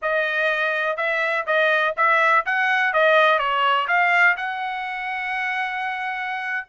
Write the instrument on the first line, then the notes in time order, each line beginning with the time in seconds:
trumpet
0.02 D#5
0.97 E5
1.46 D#5
1.96 E5
2.45 F#5
2.93 D#5
3.38 C#5
3.87 F5
4.36 F#5